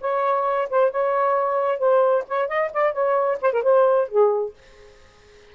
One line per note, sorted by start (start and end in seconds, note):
0.00 0.68 C#5
0.69 0.90 C5
0.90 1.78 C#5
1.78 2.24 C5
2.27 2.48 C#5
2.48 2.71 D#5
2.73 2.92 D5
2.92 3.38 C#5
3.41 3.52 C5
3.52 3.62 A#4
3.62 4.08 C5
4.08 4.53 G#4